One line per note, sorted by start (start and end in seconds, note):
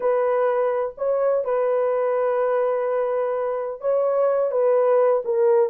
0.00 0.94 B4
0.97 1.44 C#5
1.44 3.81 B4
3.81 4.51 C#5
4.51 5.22 B4
5.24 5.69 A#4